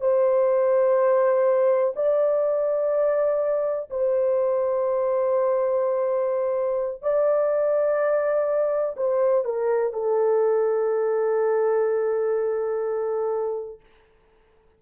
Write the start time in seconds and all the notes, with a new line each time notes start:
0.00 C5
1.96 D5
3.90 C5
7.02 D5
8.96 C5
9.44 A#4
9.93 A4